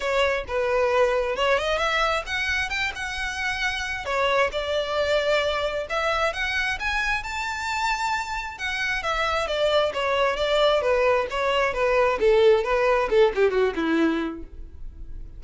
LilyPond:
\new Staff \with { instrumentName = "violin" } { \time 4/4 \tempo 4 = 133 cis''4 b'2 cis''8 dis''8 | e''4 fis''4 g''8 fis''4.~ | fis''4 cis''4 d''2~ | d''4 e''4 fis''4 gis''4 |
a''2. fis''4 | e''4 d''4 cis''4 d''4 | b'4 cis''4 b'4 a'4 | b'4 a'8 g'8 fis'8 e'4. | }